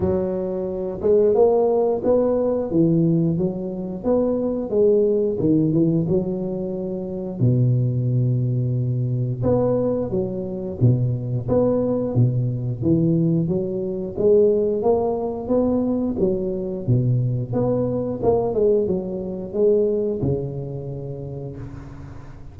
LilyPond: \new Staff \with { instrumentName = "tuba" } { \time 4/4 \tempo 4 = 89 fis4. gis8 ais4 b4 | e4 fis4 b4 gis4 | dis8 e8 fis2 b,4~ | b,2 b4 fis4 |
b,4 b4 b,4 e4 | fis4 gis4 ais4 b4 | fis4 b,4 b4 ais8 gis8 | fis4 gis4 cis2 | }